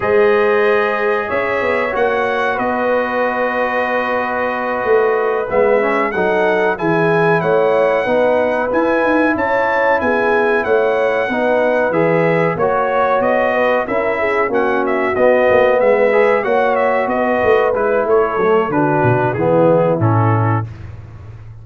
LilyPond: <<
  \new Staff \with { instrumentName = "trumpet" } { \time 4/4 \tempo 4 = 93 dis''2 e''4 fis''4 | dis''1~ | dis''8 e''4 fis''4 gis''4 fis''8~ | fis''4. gis''4 a''4 gis''8~ |
gis''8 fis''2 e''4 cis''8~ | cis''8 dis''4 e''4 fis''8 e''8 dis''8~ | dis''8 e''4 fis''8 e''8 dis''4 b'8 | cis''4 b'4 gis'4 a'4 | }
  \new Staff \with { instrumentName = "horn" } { \time 4/4 c''2 cis''2 | b'1~ | b'4. a'4 gis'4 cis''8~ | cis''8 b'2 cis''4 gis'8~ |
gis'8 cis''4 b'2 cis''8~ | cis''4 b'8 ais'8 gis'8 fis'4.~ | fis'8 b'4 cis''4 b'4. | a'4 fis'4 e'2 | }
  \new Staff \with { instrumentName = "trombone" } { \time 4/4 gis'2. fis'4~ | fis'1~ | fis'8 b8 cis'8 dis'4 e'4.~ | e'8 dis'4 e'2~ e'8~ |
e'4. dis'4 gis'4 fis'8~ | fis'4. e'4 cis'4 b8~ | b4 gis'8 fis'2 e'8~ | e'8 a8 d'4 b4 cis'4 | }
  \new Staff \with { instrumentName = "tuba" } { \time 4/4 gis2 cis'8 b8 ais4 | b2.~ b8 a8~ | a8 gis4 fis4 e4 a8~ | a8 b4 e'8 dis'8 cis'4 b8~ |
b8 a4 b4 e4 ais8~ | ais8 b4 cis'4 ais4 b8 | ais8 gis4 ais4 b8 a8 gis8 | a8 fis8 d8 b,8 e4 a,4 | }
>>